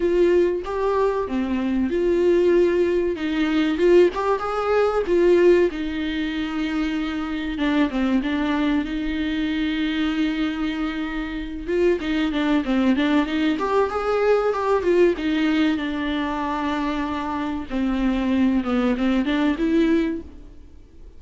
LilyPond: \new Staff \with { instrumentName = "viola" } { \time 4/4 \tempo 4 = 95 f'4 g'4 c'4 f'4~ | f'4 dis'4 f'8 g'8 gis'4 | f'4 dis'2. | d'8 c'8 d'4 dis'2~ |
dis'2~ dis'8 f'8 dis'8 d'8 | c'8 d'8 dis'8 g'8 gis'4 g'8 f'8 | dis'4 d'2. | c'4. b8 c'8 d'8 e'4 | }